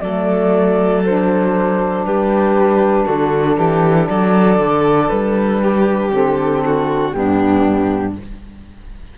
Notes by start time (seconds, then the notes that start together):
0.00 F#3 A3 A4 D5
1.04 D4 C5
2.04 G3 G4 B4
3.05 D3 F#4 A4
3.57 E3 G4
4.07 F#3 A4 D5
4.59 D3
5.09 G3 B4
5.62 G4
6.10 D3 C4 A4
6.65 F#4
7.11 G2 B3 D4 G4